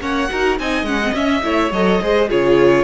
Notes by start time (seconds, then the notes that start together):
0.00 A#3 C#4 C#5 F#5
0.29 D#4 F#4 A#4
0.59 C4 D#4 D#5 G#5
0.82 G#3 C#4 F#5
1.03 C4
1.13 C#4 E5
1.43 A3 E4 C#5
1.71 F#3 A4 D#5
2.01 G#3 G#4 C5
2.29 C#3 F4 G#4 C#5